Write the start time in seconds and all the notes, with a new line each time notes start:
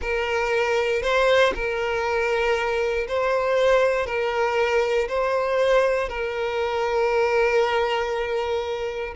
0.01 A#4
1.02 C5
1.54 A#4
3.08 C5
4.06 A#4
5.08 C5
6.09 A#4